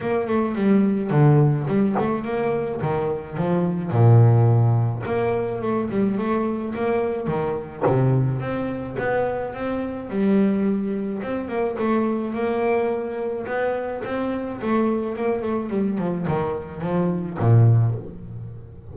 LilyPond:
\new Staff \with { instrumentName = "double bass" } { \time 4/4 \tempo 4 = 107 ais8 a8 g4 d4 g8 a8 | ais4 dis4 f4 ais,4~ | ais,4 ais4 a8 g8 a4 | ais4 dis4 c4 c'4 |
b4 c'4 g2 | c'8 ais8 a4 ais2 | b4 c'4 a4 ais8 a8 | g8 f8 dis4 f4 ais,4 | }